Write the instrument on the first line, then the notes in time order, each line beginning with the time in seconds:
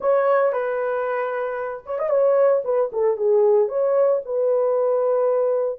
horn
0.00 C#5
0.52 B4
1.86 C#5
1.99 D#5
2.09 C#5
2.64 B4
2.92 A4
3.17 G#4
3.68 C#5
4.25 B4